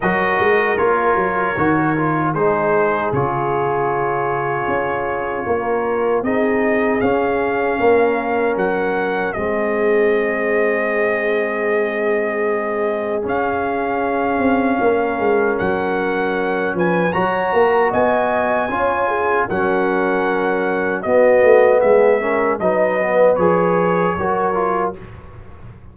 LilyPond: <<
  \new Staff \with { instrumentName = "trumpet" } { \time 4/4 \tempo 4 = 77 dis''4 cis''2 c''4 | cis''1 | dis''4 f''2 fis''4 | dis''1~ |
dis''4 f''2. | fis''4. gis''8 ais''4 gis''4~ | gis''4 fis''2 dis''4 | e''4 dis''4 cis''2 | }
  \new Staff \with { instrumentName = "horn" } { \time 4/4 ais'2. gis'4~ | gis'2. ais'4 | gis'2 ais'2 | gis'1~ |
gis'2. ais'4~ | ais'4. b'8 cis''8 ais'8 dis''4 | cis''8 gis'8 ais'2 fis'4 | gis'8 ais'8 b'2 ais'4 | }
  \new Staff \with { instrumentName = "trombone" } { \time 4/4 fis'4 f'4 fis'8 f'8 dis'4 | f'1 | dis'4 cis'2. | c'1~ |
c'4 cis'2.~ | cis'2 fis'2 | f'4 cis'2 b4~ | b8 cis'8 dis'8 b8 gis'4 fis'8 f'8 | }
  \new Staff \with { instrumentName = "tuba" } { \time 4/4 fis8 gis8 ais8 fis8 dis4 gis4 | cis2 cis'4 ais4 | c'4 cis'4 ais4 fis4 | gis1~ |
gis4 cis'4. c'8 ais8 gis8 | fis4. f8 fis8 ais8 b4 | cis'4 fis2 b8 a8 | gis4 fis4 f4 fis4 | }
>>